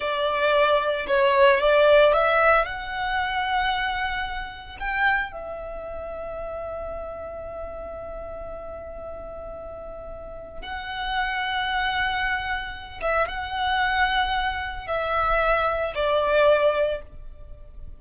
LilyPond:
\new Staff \with { instrumentName = "violin" } { \time 4/4 \tempo 4 = 113 d''2 cis''4 d''4 | e''4 fis''2.~ | fis''4 g''4 e''2~ | e''1~ |
e''1 | fis''1~ | fis''8 e''8 fis''2. | e''2 d''2 | }